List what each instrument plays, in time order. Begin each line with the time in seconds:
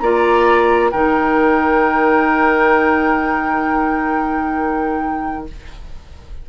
0.00 bassoon A#3, clarinet F4, oboe D5, flute A#5
0.91 bassoon D#3, clarinet D#4, oboe A#4, flute G5